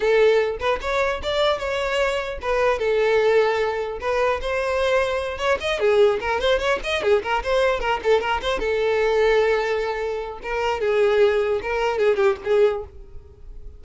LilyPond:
\new Staff \with { instrumentName = "violin" } { \time 4/4 \tempo 4 = 150 a'4. b'8 cis''4 d''4 | cis''2 b'4 a'4~ | a'2 b'4 c''4~ | c''4. cis''8 dis''8 gis'4 ais'8 |
c''8 cis''8 dis''8 gis'8 ais'8 c''4 ais'8 | a'8 ais'8 c''8 a'2~ a'8~ | a'2 ais'4 gis'4~ | gis'4 ais'4 gis'8 g'8 gis'4 | }